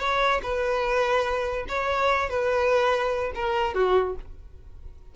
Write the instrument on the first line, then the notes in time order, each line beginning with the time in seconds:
violin
0.00 C#5
0.43 B4
1.69 C#5
2.30 B4
3.35 A#4
3.75 F#4